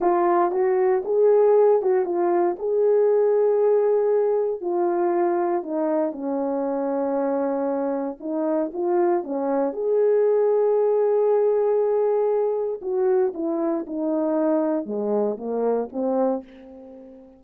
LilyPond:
\new Staff \with { instrumentName = "horn" } { \time 4/4 \tempo 4 = 117 f'4 fis'4 gis'4. fis'8 | f'4 gis'2.~ | gis'4 f'2 dis'4 | cis'1 |
dis'4 f'4 cis'4 gis'4~ | gis'1~ | gis'4 fis'4 e'4 dis'4~ | dis'4 gis4 ais4 c'4 | }